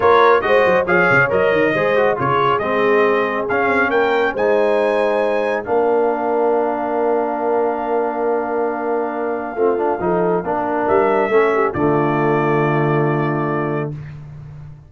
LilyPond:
<<
  \new Staff \with { instrumentName = "trumpet" } { \time 4/4 \tempo 4 = 138 cis''4 dis''4 f''4 dis''4~ | dis''4 cis''4 dis''2 | f''4 g''4 gis''2~ | gis''4 f''2.~ |
f''1~ | f''1~ | f''4 e''2 d''4~ | d''1 | }
  \new Staff \with { instrumentName = "horn" } { \time 4/4 ais'4 c''4 cis''2 | c''4 gis'2.~ | gis'4 ais'4 c''2~ | c''4 ais'2.~ |
ais'1~ | ais'2 f'4 a'4 | ais'2 a'8 g'8 f'4~ | f'1 | }
  \new Staff \with { instrumentName = "trombone" } { \time 4/4 f'4 fis'4 gis'4 ais'4 | gis'8 fis'8 f'4 c'2 | cis'2 dis'2~ | dis'4 d'2.~ |
d'1~ | d'2 c'8 d'8 dis'4 | d'2 cis'4 a4~ | a1 | }
  \new Staff \with { instrumentName = "tuba" } { \time 4/4 ais4 gis8 fis8 f8 cis8 fis8 dis8 | gis4 cis4 gis2 | cis'8 c'8 ais4 gis2~ | gis4 ais2.~ |
ais1~ | ais2 a4 f4 | ais4 g4 a4 d4~ | d1 | }
>>